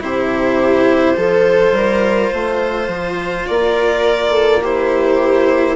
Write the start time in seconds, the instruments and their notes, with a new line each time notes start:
0.00 bassoon C3, cello E4, viola G4, violin C5
1.16 bassoon F3, cello F4, viola A4
1.72 bassoon G3, viola A#4
2.32 bassoon A3, viola C5
2.87 bassoon F3
3.46 bassoon A#3, viola A#4, violin D5
4.31 viola A4
4.61 cello E4, viola G4, violin C5